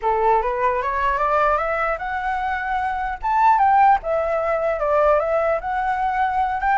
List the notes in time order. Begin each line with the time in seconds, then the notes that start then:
0.02 A4
0.41 B4
0.82 C#5
1.17 D5
1.57 E5
1.98 F#5
3.22 A5
3.58 G5
4.02 E5
4.79 D5
5.19 E5
5.60 F#5
6.60 G5